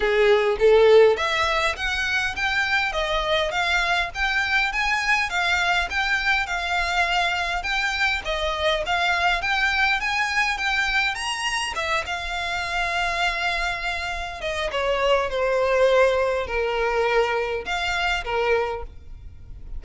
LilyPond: \new Staff \with { instrumentName = "violin" } { \time 4/4 \tempo 4 = 102 gis'4 a'4 e''4 fis''4 | g''4 dis''4 f''4 g''4 | gis''4 f''4 g''4 f''4~ | f''4 g''4 dis''4 f''4 |
g''4 gis''4 g''4 ais''4 | e''8 f''2.~ f''8~ | f''8 dis''8 cis''4 c''2 | ais'2 f''4 ais'4 | }